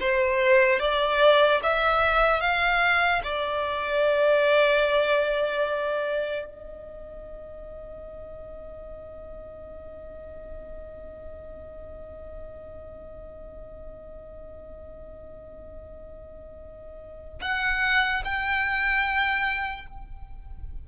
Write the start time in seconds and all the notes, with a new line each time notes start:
0.00 C5
0.79 D5
1.63 E5
2.40 F5
3.23 D5
6.45 D#5
17.41 F#5
18.24 G5